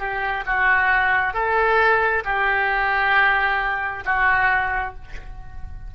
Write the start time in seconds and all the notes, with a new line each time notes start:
0.00 G4
0.47 F#4
1.34 A4
2.25 G4
4.06 F#4